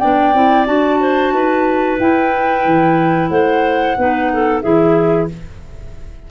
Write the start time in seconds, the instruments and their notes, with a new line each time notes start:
0.00 tuba B3, clarinet D4 D5, flute G5
0.34 tuba C4, clarinet E4
0.66 tuba D4, clarinet F#4, flute A5
1.00 clarinet C5
1.33 tuba D#4, clarinet B4
2.00 tuba E4, clarinet E4, flute G5
2.66 tuba E3
3.29 tuba A3, clarinet C5, flute F#5
3.98 tuba B3, clarinet D#4 B4
4.34 clarinet A4
4.62 tuba E3, clarinet E4 G#4, flute E5